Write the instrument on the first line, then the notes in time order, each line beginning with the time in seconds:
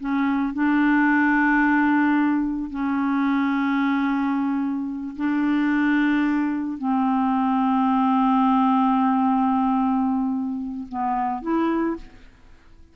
clarinet
0.00 C#4
0.54 D4
2.71 C#4
5.17 D4
6.78 C4
10.89 B3
11.42 E4